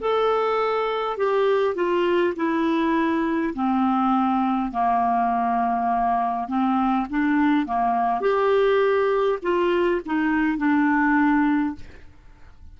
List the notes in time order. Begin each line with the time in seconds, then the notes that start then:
0.00 A4
1.17 G4
1.74 F4
2.36 E4
3.54 C4
4.72 A#3
6.48 C4
7.10 D4
7.66 A#3
8.21 G4
9.42 F4
10.05 D#4
10.58 D4